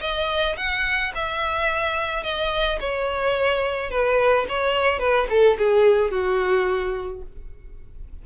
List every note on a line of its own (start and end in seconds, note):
0.00 0.56 D#5
0.57 1.12 F#5
1.14 2.23 E5
2.23 2.78 D#5
2.80 3.90 C#5
3.90 4.45 B4
4.48 4.99 C#5
4.99 5.27 B4
5.29 5.57 A4
5.58 6.10 G#4
6.10 7.21 F#4